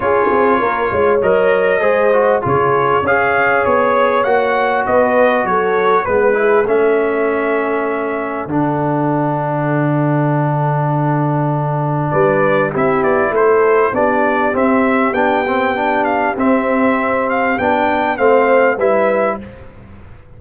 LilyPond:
<<
  \new Staff \with { instrumentName = "trumpet" } { \time 4/4 \tempo 4 = 99 cis''2 dis''2 | cis''4 f''4 cis''4 fis''4 | dis''4 cis''4 b'4 e''4~ | e''2 fis''2~ |
fis''1 | d''4 e''8 d''8 c''4 d''4 | e''4 g''4. f''8 e''4~ | e''8 f''8 g''4 f''4 e''4 | }
  \new Staff \with { instrumentName = "horn" } { \time 4/4 gis'4 ais'8 cis''4. c''4 | gis'4 cis''2. | b'4 a'4 b'8 gis'8 a'4~ | a'1~ |
a'1 | b'4 g'4 a'4 g'4~ | g'1~ | g'2 c''4 b'4 | }
  \new Staff \with { instrumentName = "trombone" } { \time 4/4 f'2 ais'4 gis'8 fis'8 | f'4 gis'2 fis'4~ | fis'2 b8 e'8 cis'4~ | cis'2 d'2~ |
d'1~ | d'4 e'2 d'4 | c'4 d'8 c'8 d'4 c'4~ | c'4 d'4 c'4 e'4 | }
  \new Staff \with { instrumentName = "tuba" } { \time 4/4 cis'8 c'8 ais8 gis8 fis4 gis4 | cis4 cis'4 b4 ais4 | b4 fis4 gis4 a4~ | a2 d2~ |
d1 | g4 c'8 b8 a4 b4 | c'4 b2 c'4~ | c'4 b4 a4 g4 | }
>>